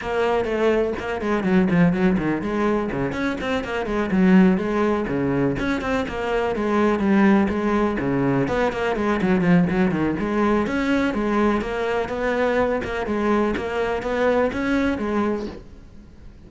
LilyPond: \new Staff \with { instrumentName = "cello" } { \time 4/4 \tempo 4 = 124 ais4 a4 ais8 gis8 fis8 f8 | fis8 dis8 gis4 cis8 cis'8 c'8 ais8 | gis8 fis4 gis4 cis4 cis'8 | c'8 ais4 gis4 g4 gis8~ |
gis8 cis4 b8 ais8 gis8 fis8 f8 | fis8 dis8 gis4 cis'4 gis4 | ais4 b4. ais8 gis4 | ais4 b4 cis'4 gis4 | }